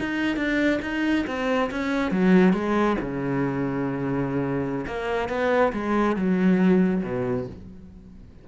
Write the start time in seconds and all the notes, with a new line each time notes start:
0.00 D#4
0.37 D4
0.82 D#4
1.27 C4
1.71 C#4
2.12 F#3
2.53 G#3
3.01 C#3
4.87 A#3
5.29 B3
5.73 G#3
6.16 F#3
7.04 B2